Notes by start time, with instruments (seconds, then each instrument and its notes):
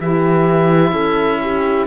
0.00 cello E3, saxophone E4, horn G4, oboe E5
0.92 cello C#4, horn A4
1.42 horn G4